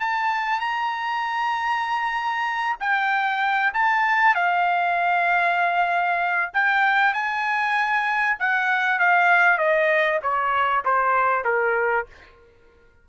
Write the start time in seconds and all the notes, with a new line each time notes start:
0.00 A5
0.60 A#5
2.80 G5
3.74 A5
4.35 F5
6.54 G5
7.14 G#5
8.39 F#5
8.99 F5
9.58 D#5
10.22 C#5
10.85 C5
11.45 A#4